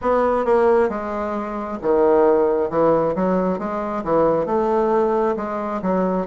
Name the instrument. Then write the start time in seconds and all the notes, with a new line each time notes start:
bassoon
0.01 B3
0.45 A#3
0.89 G#3
1.82 D#3
2.70 E3
3.15 F#3
3.59 G#3
4.04 E3
4.45 A3
5.36 G#3
5.82 F#3